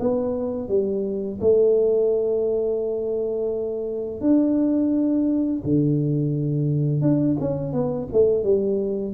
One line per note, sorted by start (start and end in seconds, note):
0.00 0.68 B3
0.68 1.39 G3
1.41 4.21 A3
4.21 5.62 D4
5.64 7.01 D3
7.01 7.37 D4
7.40 7.73 C#4
7.73 8.08 B3
8.12 8.43 A3
8.43 9.13 G3